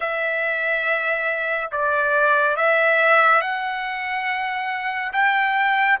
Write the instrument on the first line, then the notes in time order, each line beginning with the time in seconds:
trumpet
0.00 E5
1.71 D5
2.56 E5
3.41 F#5
5.12 G5